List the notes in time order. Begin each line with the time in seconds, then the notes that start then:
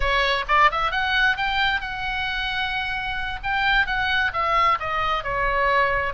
0.00 C#5
0.48 D5
0.71 E5
0.91 F#5
1.37 G5
1.80 F#5
3.43 G5
3.86 F#5
4.33 E5
4.79 D#5
5.23 C#5